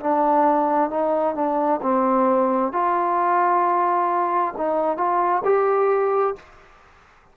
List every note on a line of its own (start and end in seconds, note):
0.00 0.90 D4
0.90 1.35 D#4
1.35 1.81 D4
1.82 2.72 C4
2.72 4.54 F4
4.57 4.97 D#4
4.97 5.43 F4
5.45 6.36 G4